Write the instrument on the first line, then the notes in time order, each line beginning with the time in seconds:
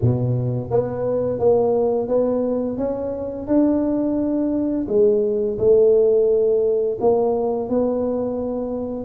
tuba
0.01 B2
0.70 B3
1.39 A#3
2.07 B3
2.77 C#4
3.47 D4
4.88 G#3
5.58 A3
7.00 A#3
7.69 B3